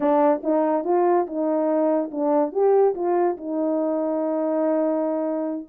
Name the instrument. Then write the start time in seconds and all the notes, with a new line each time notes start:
horn
0.00 D4
0.43 D#4
0.84 F4
1.26 D#4
2.11 D4
2.52 G4
2.94 F4
3.37 D#4